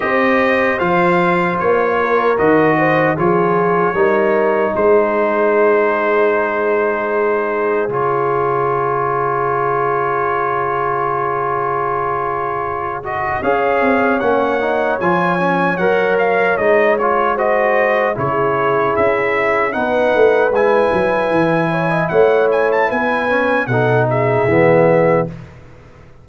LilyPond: <<
  \new Staff \with { instrumentName = "trumpet" } { \time 4/4 \tempo 4 = 76 dis''4 f''4 cis''4 dis''4 | cis''2 c''2~ | c''2 cis''2~ | cis''1~ |
cis''8 dis''8 f''4 fis''4 gis''4 | fis''8 f''8 dis''8 cis''8 dis''4 cis''4 | e''4 fis''4 gis''2 | fis''8 gis''16 a''16 gis''4 fis''8 e''4. | }
  \new Staff \with { instrumentName = "horn" } { \time 4/4 c''2~ c''8 ais'4 c''8 | gis'4 ais'4 gis'2~ | gis'1~ | gis'1~ |
gis'4 cis''2.~ | cis''2 c''4 gis'4~ | gis'4 b'2~ b'8 cis''16 dis''16 | cis''4 b'4 a'8 gis'4. | }
  \new Staff \with { instrumentName = "trombone" } { \time 4/4 g'4 f'2 fis'4 | f'4 dis'2.~ | dis'2 f'2~ | f'1~ |
f'8 fis'8 gis'4 cis'8 dis'8 f'8 cis'8 | ais'4 dis'8 f'8 fis'4 e'4~ | e'4 dis'4 e'2~ | e'4. cis'8 dis'4 b4 | }
  \new Staff \with { instrumentName = "tuba" } { \time 4/4 c'4 f4 ais4 dis4 | f4 g4 gis2~ | gis2 cis2~ | cis1~ |
cis4 cis'8 c'8 ais4 f4 | fis4 gis2 cis4 | cis'4 b8 a8 gis8 fis8 e4 | a4 b4 b,4 e4 | }
>>